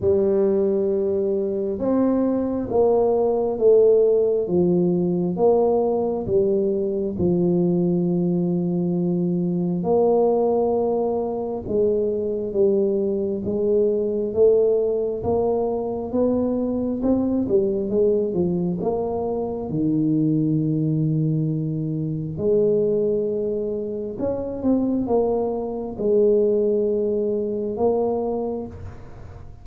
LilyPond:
\new Staff \with { instrumentName = "tuba" } { \time 4/4 \tempo 4 = 67 g2 c'4 ais4 | a4 f4 ais4 g4 | f2. ais4~ | ais4 gis4 g4 gis4 |
a4 ais4 b4 c'8 g8 | gis8 f8 ais4 dis2~ | dis4 gis2 cis'8 c'8 | ais4 gis2 ais4 | }